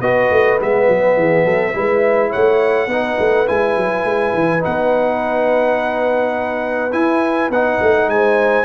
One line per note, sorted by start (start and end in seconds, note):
0.00 0.29 B3
0.00 0.59 F#4
0.00 1.18 B4
0.00 0.59 D#5
0.31 0.60 A3
0.59 0.88 G#3
0.59 1.74 B3
0.59 2.32 E5
0.88 1.17 F#3
1.17 1.45 E3
1.17 1.45 G#4
1.45 1.74 F#3
1.45 1.74 A4
1.74 2.33 G#3
1.74 2.89 E4
1.74 2.30 B4
2.30 2.87 A3
2.30 2.88 C#5
2.30 3.48 F#5
2.87 3.16 B3
2.87 3.46 D#4
2.87 8.10 B4
3.19 3.47 A3
3.46 3.76 G#3
3.46 4.60 E4
3.46 4.63 G#5
3.76 4.04 F#3
4.04 4.33 G#3
4.34 4.63 E3
4.60 6.94 B3
4.60 6.91 D#4
4.60 6.92 F#5
6.92 7.50 E4
6.92 7.50 G#5
7.50 7.79 B3
7.50 8.65 D#4
7.50 8.10 F#5
7.81 8.07 A3
8.07 8.65 G#3
8.07 8.65 C5
8.07 8.65 G#5